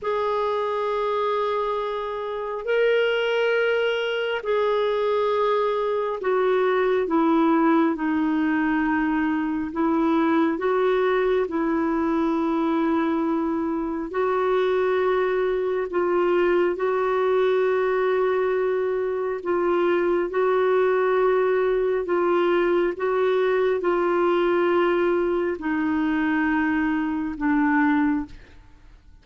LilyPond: \new Staff \with { instrumentName = "clarinet" } { \time 4/4 \tempo 4 = 68 gis'2. ais'4~ | ais'4 gis'2 fis'4 | e'4 dis'2 e'4 | fis'4 e'2. |
fis'2 f'4 fis'4~ | fis'2 f'4 fis'4~ | fis'4 f'4 fis'4 f'4~ | f'4 dis'2 d'4 | }